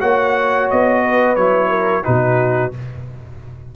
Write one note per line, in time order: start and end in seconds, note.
0.00 0.70 A#3
0.00 1.36 F#4
0.00 1.03 C#5
0.00 0.69 F#5
0.70 1.36 B3
0.70 1.35 D#5
1.03 1.69 B4
1.35 2.05 F#3
1.35 2.03 E4
1.35 2.03 C#5
1.69 2.03 A#4
2.03 2.75 B2
2.03 2.71 D#4
2.03 2.74 F#4
2.03 2.72 B4